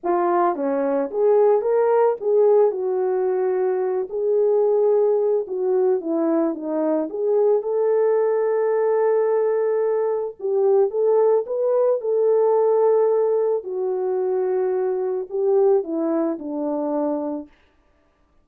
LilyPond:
\new Staff \with { instrumentName = "horn" } { \time 4/4 \tempo 4 = 110 f'4 cis'4 gis'4 ais'4 | gis'4 fis'2~ fis'8 gis'8~ | gis'2 fis'4 e'4 | dis'4 gis'4 a'2~ |
a'2. g'4 | a'4 b'4 a'2~ | a'4 fis'2. | g'4 e'4 d'2 | }